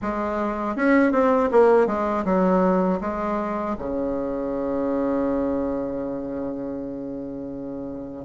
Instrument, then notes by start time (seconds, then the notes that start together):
bassoon
0.02 G#3
0.76 C#4
1.12 C4
1.51 A#3
1.86 G#3
2.24 F#3
3.00 G#3
3.78 C#3